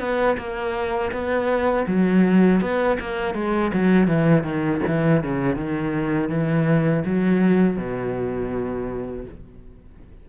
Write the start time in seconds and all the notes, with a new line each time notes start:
0.00 B3
0.38 A#3
1.12 B3
1.88 F#3
2.62 B3
3.01 A#3
3.35 G#3
3.74 F#3
4.08 E3
4.44 D#3
4.88 E3
5.24 C#3
5.56 D#3
6.30 E3
7.05 F#3
7.78 B2